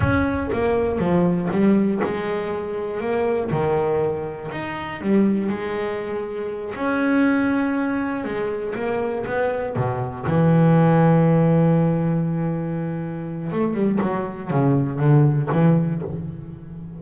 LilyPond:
\new Staff \with { instrumentName = "double bass" } { \time 4/4 \tempo 4 = 120 cis'4 ais4 f4 g4 | gis2 ais4 dis4~ | dis4 dis'4 g4 gis4~ | gis4. cis'2~ cis'8~ |
cis'8 gis4 ais4 b4 b,8~ | b,8 e2.~ e8~ | e2. a8 g8 | fis4 cis4 d4 e4 | }